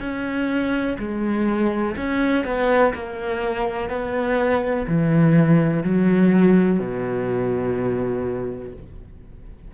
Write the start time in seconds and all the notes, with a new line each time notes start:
0.00 C#4
0.99 G#3
1.97 C#4
2.45 B3
2.94 A#3
3.89 B3
4.87 E3
5.83 F#3
6.79 B2